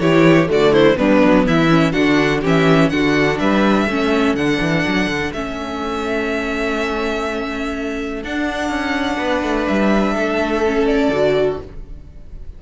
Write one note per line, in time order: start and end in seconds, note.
0.00 0.49 E3
0.00 0.47 E4
0.00 0.50 G4
0.00 0.48 C#5
0.47 0.97 D3
0.47 0.95 A3
0.47 0.73 F#4
0.47 0.73 D5
0.73 0.97 E4
0.73 0.97 C5
0.96 1.23 G3
0.96 1.69 B3
0.96 1.47 D4
0.96 1.46 B4
1.24 1.46 F#3
1.46 1.95 E3
1.46 1.93 E4
1.46 1.93 E5
1.70 1.93 C#4
1.93 2.44 D3
1.93 2.41 D4
1.93 2.41 F#4
1.93 2.41 F#5
2.41 2.92 E3
2.41 2.92 C#4
2.41 2.89 G4
2.47 2.90 E5
2.90 3.40 D3
2.90 3.89 D4
2.90 3.41 F#4
2.90 3.38 F#5
3.39 3.87 G3
3.39 3.87 B4
3.39 4.36 E5
3.87 4.35 A3
3.87 4.37 C#4
3.87 9.17 A4
4.35 4.59 D3
4.35 5.34 D4
4.35 5.33 F#5
4.61 4.85 E3
4.88 5.07 F#3
5.07 5.31 D3
5.33 8.24 A3
5.33 8.24 C#4
5.33 8.23 E5
8.24 8.69 D4
8.24 10.66 D4
8.24 9.68 F#5
8.69 9.18 C#4
9.17 9.43 B3
9.17 10.14 B4
9.43 9.67 A3
9.68 10.15 G3
9.68 10.86 E5
10.15 11.09 A3
10.15 11.61 A4
10.66 11.14 C#4
10.86 11.59 D5
11.09 11.58 D3
11.09 11.62 F#4